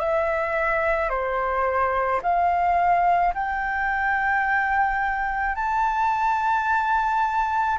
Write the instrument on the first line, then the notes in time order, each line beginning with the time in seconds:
flute
0.00 E5
1.10 C5
2.23 F5
3.34 G5
5.56 A5